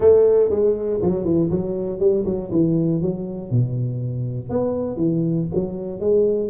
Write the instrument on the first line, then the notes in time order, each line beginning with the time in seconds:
tuba
0.00 A3
0.50 G#3
1.02 F#3
1.25 E3
1.50 F#3
1.99 G3
2.25 F#3
2.51 E3
3.01 F#3
3.50 B2
4.49 B3
4.96 E3
5.54 F#3
6.00 G#3